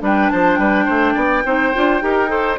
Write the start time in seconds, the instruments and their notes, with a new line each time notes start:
0.00 bassoon G3, clarinet D4, oboe B4, flute G5
0.30 bassoon F3, oboe C5, flute A5
0.56 bassoon G3, oboe B4, flute G5
0.85 bassoon A3, oboe C5
1.15 bassoon B3, oboe D5
1.45 bassoon C4, clarinet D#4, oboe C5
1.74 bassoon D4, clarinet F4
2.02 bassoon D#4, clarinet G4, oboe A#4
2.28 clarinet A4, oboe C5